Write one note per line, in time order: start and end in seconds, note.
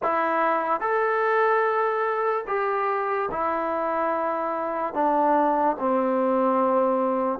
0.02 0.80 E4
0.80 2.44 A4
2.47 3.29 G4
3.31 4.94 E4
4.94 5.76 D4
5.79 7.39 C4